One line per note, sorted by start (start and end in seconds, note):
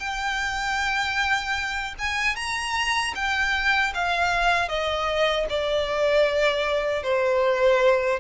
0.00 1.95 G5
1.99 2.36 G#5
2.36 3.14 A#5
3.15 3.93 G5
3.94 4.69 F5
4.69 5.47 D#5
5.50 7.03 D5
7.03 8.20 C5